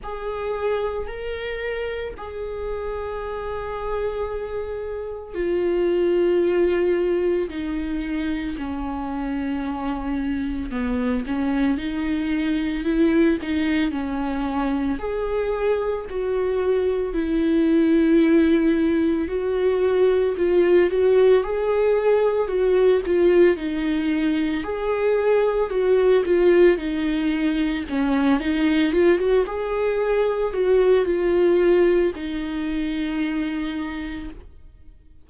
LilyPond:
\new Staff \with { instrumentName = "viola" } { \time 4/4 \tempo 4 = 56 gis'4 ais'4 gis'2~ | gis'4 f'2 dis'4 | cis'2 b8 cis'8 dis'4 | e'8 dis'8 cis'4 gis'4 fis'4 |
e'2 fis'4 f'8 fis'8 | gis'4 fis'8 f'8 dis'4 gis'4 | fis'8 f'8 dis'4 cis'8 dis'8 f'16 fis'16 gis'8~ | gis'8 fis'8 f'4 dis'2 | }